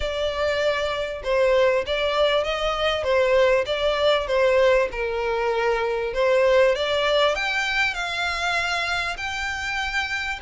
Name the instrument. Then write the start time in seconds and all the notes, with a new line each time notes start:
violin
0.00 D5
1.23 C5
1.86 D5
2.44 D#5
3.03 C5
3.66 D5
4.27 C5
4.91 A#4
6.13 C5
6.75 D5
7.35 G5
7.94 F5
9.17 G5